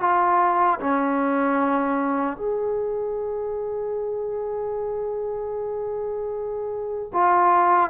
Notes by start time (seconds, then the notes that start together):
0.00 F4
0.80 C#4
2.37 G#4
7.13 F4